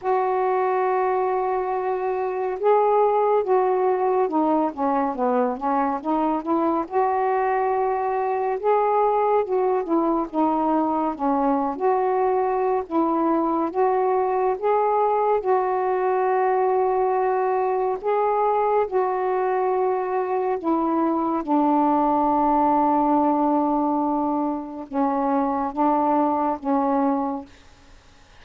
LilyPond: \new Staff \with { instrumentName = "saxophone" } { \time 4/4 \tempo 4 = 70 fis'2. gis'4 | fis'4 dis'8 cis'8 b8 cis'8 dis'8 e'8 | fis'2 gis'4 fis'8 e'8 | dis'4 cis'8. fis'4~ fis'16 e'4 |
fis'4 gis'4 fis'2~ | fis'4 gis'4 fis'2 | e'4 d'2.~ | d'4 cis'4 d'4 cis'4 | }